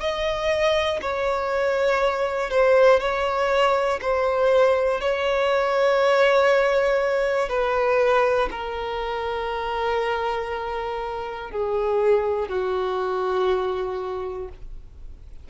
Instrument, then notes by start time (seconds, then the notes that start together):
violin
0.00 D#5
1.01 C#5
2.50 C5
2.99 C#5
4.01 C5
5.00 C#5
7.49 B4
8.51 A#4
11.50 G#4
12.49 F#4